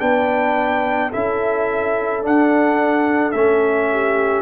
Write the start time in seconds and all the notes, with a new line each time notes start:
0.00 B3 D4 B4 G5
1.10 C#4 E4 A4 E5
2.22 D4 F#5
3.32 A3 C#4 E5
3.92 G4